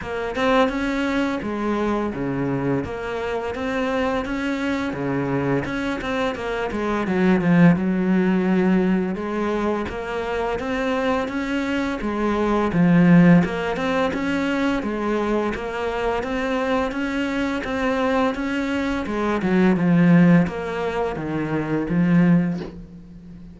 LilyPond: \new Staff \with { instrumentName = "cello" } { \time 4/4 \tempo 4 = 85 ais8 c'8 cis'4 gis4 cis4 | ais4 c'4 cis'4 cis4 | cis'8 c'8 ais8 gis8 fis8 f8 fis4~ | fis4 gis4 ais4 c'4 |
cis'4 gis4 f4 ais8 c'8 | cis'4 gis4 ais4 c'4 | cis'4 c'4 cis'4 gis8 fis8 | f4 ais4 dis4 f4 | }